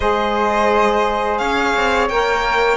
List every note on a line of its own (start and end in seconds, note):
0.00 1.40 G#3
0.00 2.10 G#4
0.00 1.39 C5
0.00 1.38 D#5
1.38 1.74 C#4
1.38 2.77 C#5
1.38 2.08 F5
1.75 2.09 C4
2.08 2.77 A#3
2.08 2.77 A#4
2.08 2.77 G5